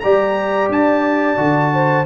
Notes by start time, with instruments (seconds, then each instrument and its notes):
0.00 tuba G3, trombone G4, horn D5, trumpet A#5
0.69 tuba D4, trumpet A5
1.37 tuba D3, trombone F#4
1.74 horn C5